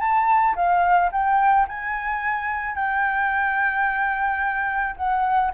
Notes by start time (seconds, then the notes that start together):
0.00 A5
0.56 F5
1.12 G5
1.68 G#5
2.75 G5
4.96 F#5